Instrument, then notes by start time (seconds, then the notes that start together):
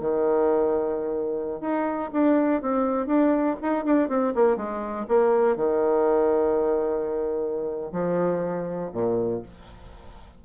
bassoon
0.00 D#3
1.60 D#4
2.12 D4
2.61 C4
3.06 D4
3.62 D#4
3.84 D4
4.08 C4
4.35 A#3
4.56 G#3
5.08 A#3
5.56 D#3
7.92 F3
8.92 A#2